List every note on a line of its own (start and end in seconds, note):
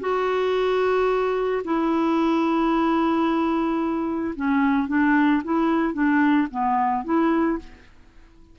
0.00 1.62 F#4
1.64 4.34 E4
4.35 4.88 C#4
4.88 5.42 D4
5.44 5.93 E4
5.93 6.47 D4
6.51 7.04 B3
7.04 7.58 E4